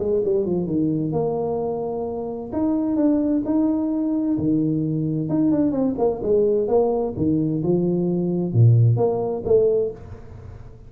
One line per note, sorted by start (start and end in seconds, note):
0.00 0.23 G#3
0.25 0.46 G3
0.46 0.67 F3
0.67 1.13 D#3
1.13 2.51 A#3
2.53 2.97 D#4
2.97 3.43 D4
3.46 4.38 D#4
4.38 5.30 D#3
5.30 5.52 D#4
5.52 5.72 D4
5.72 5.95 C4
5.99 6.22 A#3
6.23 6.68 G#3
6.68 7.14 A#3
7.17 7.63 D#3
7.63 8.53 F3
8.53 8.97 A#2
8.97 9.43 A#3
9.45 9.91 A3